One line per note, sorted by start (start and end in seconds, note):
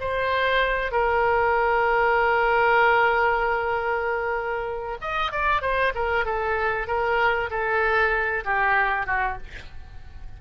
0.00 0.92 C5
0.92 4.98 A#4
5.01 5.32 D#5
5.32 5.62 D5
5.62 5.93 C5
5.95 6.25 A#4
6.25 6.87 A4
6.87 7.50 A#4
7.51 8.44 A4
8.45 9.07 G4
9.07 9.38 F#4